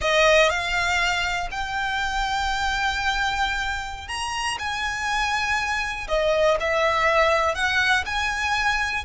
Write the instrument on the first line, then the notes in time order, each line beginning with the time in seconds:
violin
0.01 D#5
0.49 F5
1.51 G5
4.08 A#5
4.58 G#5
6.07 D#5
6.60 E5
7.54 F#5
8.05 G#5